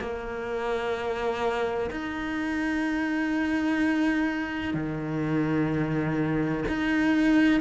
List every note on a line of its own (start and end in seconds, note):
0.00 1.90 A#3
1.91 4.74 D#4
4.74 6.65 D#3
6.69 7.61 D#4